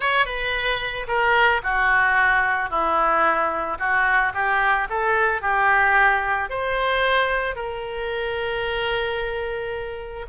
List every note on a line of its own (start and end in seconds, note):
0.00 0.25 C#5
0.25 1.06 B4
1.07 1.61 A#4
1.63 2.70 F#4
2.70 3.78 E4
3.78 4.32 F#4
4.34 4.88 G4
4.89 5.41 A4
5.41 6.49 G4
6.49 7.55 C5
7.55 10.26 A#4